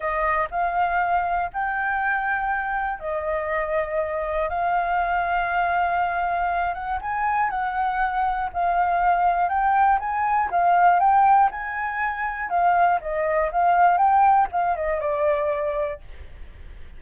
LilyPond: \new Staff \with { instrumentName = "flute" } { \time 4/4 \tempo 4 = 120 dis''4 f''2 g''4~ | g''2 dis''2~ | dis''4 f''2.~ | f''4. fis''8 gis''4 fis''4~ |
fis''4 f''2 g''4 | gis''4 f''4 g''4 gis''4~ | gis''4 f''4 dis''4 f''4 | g''4 f''8 dis''8 d''2 | }